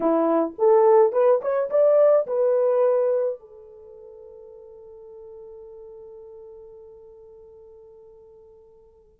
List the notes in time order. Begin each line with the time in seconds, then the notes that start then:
0.00 E4
0.58 A4
1.12 B4
1.41 C#5
1.70 D5
2.26 B4
3.39 A4